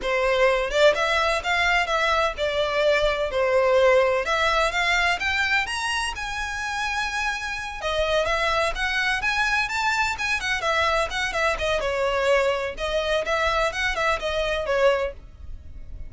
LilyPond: \new Staff \with { instrumentName = "violin" } { \time 4/4 \tempo 4 = 127 c''4. d''8 e''4 f''4 | e''4 d''2 c''4~ | c''4 e''4 f''4 g''4 | ais''4 gis''2.~ |
gis''8 dis''4 e''4 fis''4 gis''8~ | gis''8 a''4 gis''8 fis''8 e''4 fis''8 | e''8 dis''8 cis''2 dis''4 | e''4 fis''8 e''8 dis''4 cis''4 | }